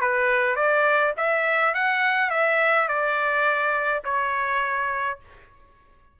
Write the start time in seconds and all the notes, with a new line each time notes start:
0.00 B4
0.56 D5
1.17 E5
1.74 F#5
2.30 E5
2.88 D5
4.04 C#5